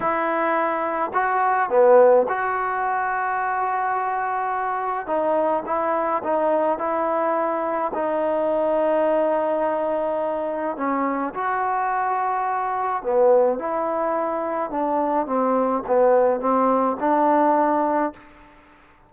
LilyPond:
\new Staff \with { instrumentName = "trombone" } { \time 4/4 \tempo 4 = 106 e'2 fis'4 b4 | fis'1~ | fis'4 dis'4 e'4 dis'4 | e'2 dis'2~ |
dis'2. cis'4 | fis'2. b4 | e'2 d'4 c'4 | b4 c'4 d'2 | }